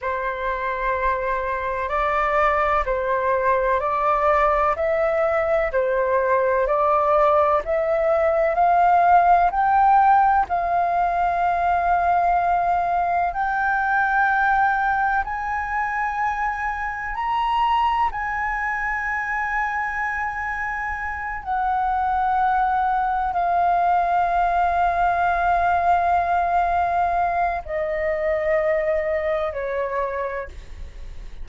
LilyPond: \new Staff \with { instrumentName = "flute" } { \time 4/4 \tempo 4 = 63 c''2 d''4 c''4 | d''4 e''4 c''4 d''4 | e''4 f''4 g''4 f''4~ | f''2 g''2 |
gis''2 ais''4 gis''4~ | gis''2~ gis''8 fis''4.~ | fis''8 f''2.~ f''8~ | f''4 dis''2 cis''4 | }